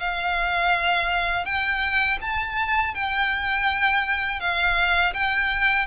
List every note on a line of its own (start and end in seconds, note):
0.00 1.45 F5
1.45 2.18 G5
2.21 2.94 A5
2.94 4.40 G5
4.40 5.13 F5
5.14 5.87 G5